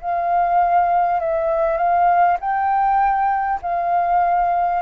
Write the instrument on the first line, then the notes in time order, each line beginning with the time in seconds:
flute
0.00 F5
1.19 E5
1.77 F5
2.40 G5
3.62 F5